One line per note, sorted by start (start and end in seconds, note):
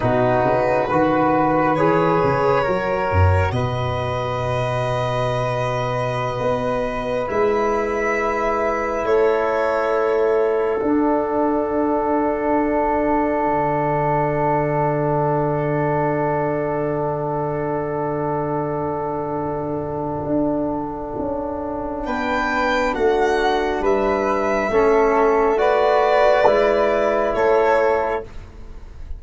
0.00 0.43 B2
0.00 0.88 D#4
0.00 0.88 F#4
0.00 1.75 B4
0.43 0.87 C#3
0.88 1.78 D#3
0.88 1.77 F#4
0.88 2.63 B4
1.75 2.22 E3
1.75 2.65 G#4
1.75 3.51 C#5
2.23 2.67 C#3
2.63 3.10 F#3
2.63 7.27 F#4
2.63 3.51 A#4
3.10 3.51 F#2
3.51 6.38 B2
3.51 9.06 B4
3.51 7.26 D#5
6.39 7.28 B3
7.27 9.03 G#3
7.27 10.80 E4
7.27 9.05 E5
9.03 10.80 A3
9.03 22.05 A4
9.03 10.82 C#5
10.81 24.70 D4
10.81 13.45 D4
10.81 22.05 F#5
13.45 20.25 D3
20.25 21.14 D4
21.18 22.06 C#4
22.05 22.94 B3
22.05 22.93 B4
22.05 22.94 G5
22.93 23.80 A3
22.93 23.82 F#4
22.93 23.83 F#5
23.80 24.68 G3
23.80 24.70 B4
23.80 25.58 E5
24.69 26.45 A3
24.69 25.56 C#4
24.69 25.59 A4
25.56 26.44 F#4
25.56 27.34 B4
25.56 27.34 D5
26.46 27.34 G#3
26.46 28.23 E4
27.34 28.23 A3
27.34 28.23 A4
27.34 28.22 C#5